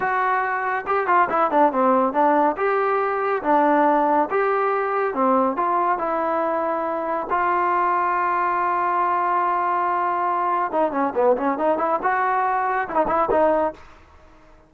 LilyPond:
\new Staff \with { instrumentName = "trombone" } { \time 4/4 \tempo 4 = 140 fis'2 g'8 f'8 e'8 d'8 | c'4 d'4 g'2 | d'2 g'2 | c'4 f'4 e'2~ |
e'4 f'2.~ | f'1~ | f'4 dis'8 cis'8 b8 cis'8 dis'8 e'8 | fis'2 e'16 dis'16 e'8 dis'4 | }